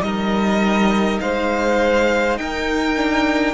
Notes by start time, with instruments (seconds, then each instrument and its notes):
0.00 cello G3, viola D#4, violin A#4 D#5
1.20 cello G#3, violin C5 F5
2.38 cello D#4, violin A#4 G5
2.96 viola D4